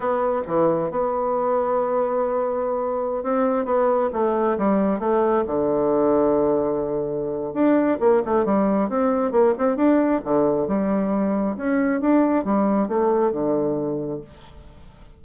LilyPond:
\new Staff \with { instrumentName = "bassoon" } { \time 4/4 \tempo 4 = 135 b4 e4 b2~ | b2.~ b16 c'8.~ | c'16 b4 a4 g4 a8.~ | a16 d2.~ d8.~ |
d4 d'4 ais8 a8 g4 | c'4 ais8 c'8 d'4 d4 | g2 cis'4 d'4 | g4 a4 d2 | }